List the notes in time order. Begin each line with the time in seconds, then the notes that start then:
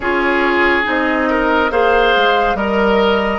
0.00 C#4 F4 G#4 C#5
0.83 C4 D#4 D#5
1.30 A#4
1.70 A#3 G#4 C5 F5
2.16 G#3
2.54 G3 A#4 D#5